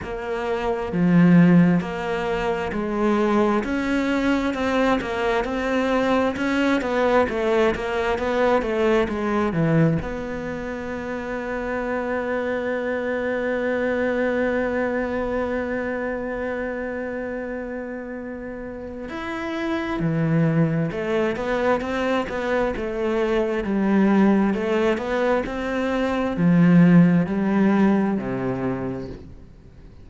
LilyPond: \new Staff \with { instrumentName = "cello" } { \time 4/4 \tempo 4 = 66 ais4 f4 ais4 gis4 | cis'4 c'8 ais8 c'4 cis'8 b8 | a8 ais8 b8 a8 gis8 e8 b4~ | b1~ |
b1~ | b4 e'4 e4 a8 b8 | c'8 b8 a4 g4 a8 b8 | c'4 f4 g4 c4 | }